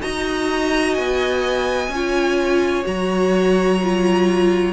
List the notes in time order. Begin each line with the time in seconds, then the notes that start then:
0.00 D#4 F#4 D#5 A#5
0.94 B3 G#5
1.88 C#4 F4
1.95 C#5
2.84 F#3 F#4 A#5
3.84 F4